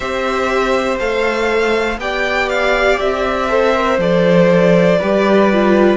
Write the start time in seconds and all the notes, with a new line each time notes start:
0.00 C4 G4 C5 E5
0.99 A3 A4 F5
1.97 B3 G4 D5 G5
2.49 F5
2.99 C4 E5
3.49 A4 C5
3.73 A#4
3.98 F3 A4 D5
4.99 G3 G4 B4
5.52 F4